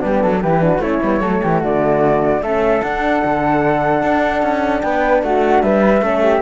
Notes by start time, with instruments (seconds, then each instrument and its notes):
0.00 cello G3, horn B3, flute D4 G4
0.22 cello F#3, flute A4
0.42 cello E3, horn E4, flute G4 B4
0.61 horn D4, flute F#4
0.78 cello A3, horn C#4, flute E4 C#5
1.02 cello G3, horn B3
1.21 cello F#3, horn A3, flute A4
1.43 cello E3, flute G4
1.59 cello D3, flute F#4 D5
2.42 cello A3, horn C#4, flute A4 E5
2.82 cello D4, horn D4, flute F#5
3.24 cello D3
4.03 cello D4
4.42 cello C#4
4.81 cello B3, flute B4 G5
5.23 cello A3, flute F#4 F#5
5.62 cello G3, flute B4 E5
6.02 cello A3, horn C#4, flute A4
6.22 flute G4